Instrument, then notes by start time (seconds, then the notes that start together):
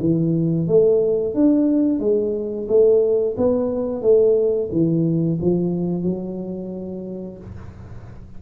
tuba
0.00 E3
0.67 A3
1.34 D4
1.99 G#3
2.68 A3
3.37 B3
4.02 A3
4.72 E3
5.41 F3
6.03 F#3